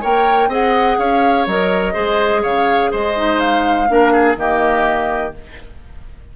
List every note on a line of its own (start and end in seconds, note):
0.00 0.48 A#3
0.00 0.48 A#4
0.00 0.49 C#5
0.00 0.52 G5
0.48 0.96 C4
0.48 1.47 G#4
0.48 0.97 D#5
0.48 0.98 F#5
0.98 1.46 C#4
0.98 1.93 C#5
0.98 1.47 F5
1.46 1.95 F#3
1.46 1.93 A#4
1.46 2.43 D#5
1.93 2.44 G#3
1.93 3.14 G#4
1.93 2.42 C5
2.42 2.93 C#3
2.42 2.91 C#5
2.42 2.91 F5
2.91 3.89 G#3
2.91 3.88 C5
2.91 3.40 D#5
3.14 3.87 D#4
3.40 4.36 F5
3.87 4.36 A#3
3.87 4.35 D4
3.87 4.12 A#4
4.12 4.36 G#4
4.35 5.32 D#3
4.35 5.32 A#3
4.35 5.36 G4
4.35 5.34 D#5